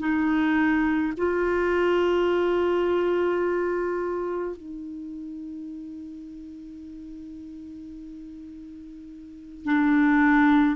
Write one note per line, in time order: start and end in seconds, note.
0.00 1.13 D#4
1.18 4.57 F4
4.57 9.65 D#4
9.65 10.77 D4